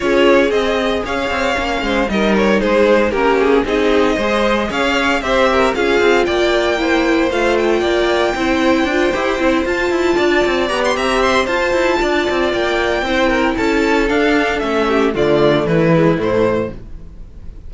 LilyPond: <<
  \new Staff \with { instrumentName = "violin" } { \time 4/4 \tempo 4 = 115 cis''4 dis''4 f''2 | dis''8 cis''8 c''4 ais'8 gis'8 dis''4~ | dis''4 f''4 e''4 f''4 | g''2 f''8 g''4.~ |
g''2~ g''8 a''4.~ | a''8 ais''16 c'''16 ais''8 c'''8 a''2 | g''2 a''4 f''4 | e''4 d''4 b'4 c''4 | }
  \new Staff \with { instrumentName = "violin" } { \time 4/4 gis'2 cis''4. c''8 | ais'4 gis'4 g'4 gis'4 | c''4 cis''4 c''8 ais'8 gis'4 | d''4 c''2 d''4 |
c''2.~ c''8 d''8~ | d''4 e''4 c''4 d''4~ | d''4 c''8 ais'8 a'2~ | a'8 g'8 f'4 e'2 | }
  \new Staff \with { instrumentName = "viola" } { \time 4/4 f'4 gis'2 cis'4 | dis'2 cis'4 dis'4 | gis'2 g'4 f'4~ | f'4 e'4 f'2 |
e'4 f'8 g'8 e'8 f'4.~ | f'8 g'4. f'2~ | f'4 e'2 d'4 | cis'4 a4. gis8 a4 | }
  \new Staff \with { instrumentName = "cello" } { \time 4/4 cis'4 c'4 cis'8 c'8 ais8 gis8 | g4 gis4 ais4 c'4 | gis4 cis'4 c'4 cis'8 c'8 | ais2 a4 ais4 |
c'4 d'8 e'8 c'8 f'8 e'8 d'8 | c'8 b8 c'4 f'8 e'8 d'8 c'8 | ais4 c'4 cis'4 d'4 | a4 d4 e4 a,4 | }
>>